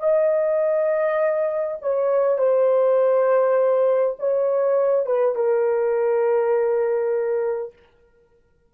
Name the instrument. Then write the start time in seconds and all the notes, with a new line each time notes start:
horn
0.00 D#5
1.82 C#5
2.38 C5
4.20 C#5
5.07 B4
5.36 A#4